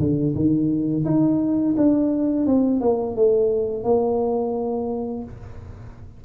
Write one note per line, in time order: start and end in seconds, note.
0.00 0.35 D3
0.35 1.05 D#3
1.05 1.75 D#4
1.77 2.46 D4
2.46 2.81 C4
2.81 3.16 A#3
3.16 3.84 A3
3.84 5.24 A#3